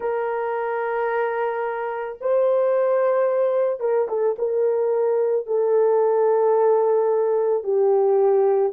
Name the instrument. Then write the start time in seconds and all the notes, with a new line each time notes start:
horn
0.00 A#4
2.21 C5
3.80 A#4
4.08 A4
4.38 A#4
5.46 A4
7.63 G4